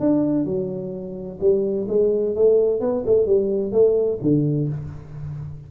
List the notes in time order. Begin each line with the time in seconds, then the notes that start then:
0.00 D4
0.45 F#3
1.40 G3
1.88 G#3
2.35 A3
2.81 B3
3.06 A3
3.26 G3
3.72 A3
4.22 D3